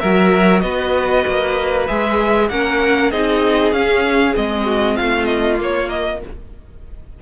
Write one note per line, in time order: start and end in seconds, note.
0.00 0.63 F#3
0.00 1.88 F#4
0.00 0.62 A#4
0.00 0.61 E5
0.61 1.25 B3
0.61 2.48 B4
0.61 1.85 D#5
1.28 1.89 A#3
1.87 2.50 G#3
1.87 2.50 G#4
1.87 2.49 E5
2.49 3.12 A#3
2.49 3.12 C#4
2.49 3.12 A#4
2.49 3.11 F#5
3.12 3.73 C4
3.12 3.74 D#4
3.12 4.65 G#4
3.12 3.73 D#5
3.73 4.35 C#4
3.73 4.34 C#4
3.73 4.35 F5
4.34 4.99 G#3
4.34 5.57 C4
4.34 4.97 D#5
4.65 4.96 F#4
4.96 5.61 A3
4.96 6.20 F4
4.96 5.25 F5
5.25 5.56 D#5
5.57 6.19 A#3
5.57 6.23 A#3
5.63 5.90 C#5
5.90 6.21 D#5